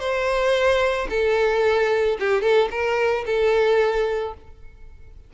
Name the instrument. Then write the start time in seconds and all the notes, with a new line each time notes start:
violin
0.00 C5
1.10 A4
2.20 G4
2.42 A4
2.71 A#4
3.26 A4